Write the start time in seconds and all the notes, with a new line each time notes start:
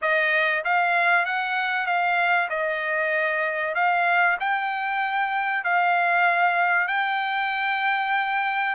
0.01 D#5
0.64 F5
1.25 F#5
1.86 F5
2.49 D#5
3.74 F5
4.39 G5
5.64 F5
6.87 G5